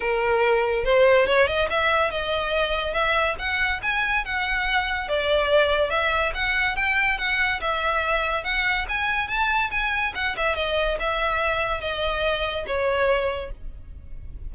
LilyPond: \new Staff \with { instrumentName = "violin" } { \time 4/4 \tempo 4 = 142 ais'2 c''4 cis''8 dis''8 | e''4 dis''2 e''4 | fis''4 gis''4 fis''2 | d''2 e''4 fis''4 |
g''4 fis''4 e''2 | fis''4 gis''4 a''4 gis''4 | fis''8 e''8 dis''4 e''2 | dis''2 cis''2 | }